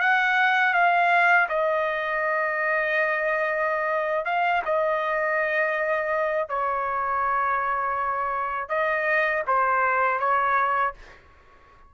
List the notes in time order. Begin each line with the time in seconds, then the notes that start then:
0.00 F#5
0.73 F5
1.49 D#5
4.25 F5
4.65 D#5
6.49 C#5
8.69 D#5
9.47 C5
10.20 C#5